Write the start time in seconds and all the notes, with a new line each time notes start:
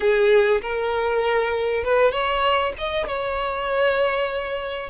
0.00 G#4
0.61 A#4
1.84 B4
2.11 C#5
2.77 D#5
3.07 C#5